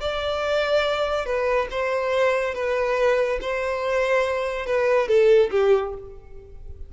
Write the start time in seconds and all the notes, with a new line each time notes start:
0.00 D5
1.25 B4
1.71 C5
2.54 B4
3.41 C5
4.65 B4
5.08 A4
5.50 G4